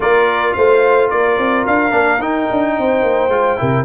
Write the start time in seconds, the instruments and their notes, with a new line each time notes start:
0.00 tuba A#3, trombone F4, horn A#4, trumpet D5
0.53 tuba A3, horn C5, trumpet F5
1.08 tuba A#3, horn A#4, trumpet D5
1.38 tuba C4
1.66 tuba D4, trumpet F5
1.90 tuba A#3, trombone D4
2.18 tuba D#4, trombone D#4, trumpet G5
2.50 tuba D4
2.77 tuba C4, horn C5
3.02 tuba A#3
3.28 tuba G#3, trombone F4
3.57 tuba C3, trombone E4, horn A#4